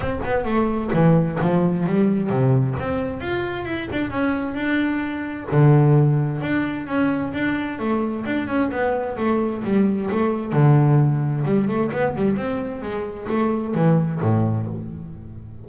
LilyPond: \new Staff \with { instrumentName = "double bass" } { \time 4/4 \tempo 4 = 131 c'8 b8 a4 e4 f4 | g4 c4 c'4 f'4 | e'8 d'8 cis'4 d'2 | d2 d'4 cis'4 |
d'4 a4 d'8 cis'8 b4 | a4 g4 a4 d4~ | d4 g8 a8 b8 g8 c'4 | gis4 a4 e4 a,4 | }